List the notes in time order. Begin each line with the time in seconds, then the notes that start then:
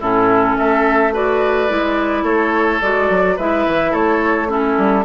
0.00 A2 C#4 E4 A4
0.58 A3 A4 E5
1.14 F#4 B4 D5
1.69 G#3 E4
2.23 A3 A4 C#5
2.82 G#3 F#4 D5
3.10 F#3
3.37 G#3 E4 B4 E5
3.67 E3
3.91 A3 A4 C#5
4.48 C#4 E4 A4
4.78 G3